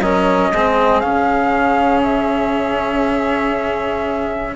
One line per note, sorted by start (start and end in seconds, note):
0.00 0.50 F#3
0.00 0.53 C#4
0.00 0.50 A#4
0.00 1.00 D#5
0.50 1.02 G#3
0.50 1.03 C4
0.50 4.53 G#4
1.00 4.56 C#3
1.00 4.55 C#4
1.00 2.01 F5
2.03 4.55 E5